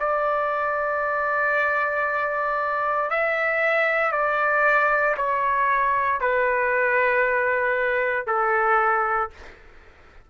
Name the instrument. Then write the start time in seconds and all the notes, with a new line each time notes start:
trumpet
0.00 D5
3.10 E5
4.12 D5
5.17 C#5
6.21 B4
8.27 A4